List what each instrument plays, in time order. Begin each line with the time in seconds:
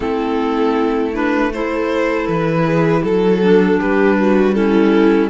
0.00 cello A3, clarinet C4, viola E4, violin A4
1.13 clarinet D4, violin B4
1.52 clarinet E4, viola A4, violin C5
2.27 cello E3, violin B4
2.64 viola G#4
3.03 cello F#3, violin A4, viola A4
3.42 clarinet D4
3.79 cello G3, viola G4, violin B4
4.19 viola F#4
4.54 clarinet C#4, viola E4, violin A4